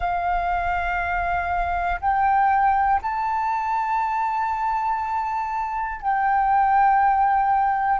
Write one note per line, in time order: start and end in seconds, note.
0.00 2.00 F5
2.00 3.00 G5
3.02 6.01 A5
6.01 8.00 G5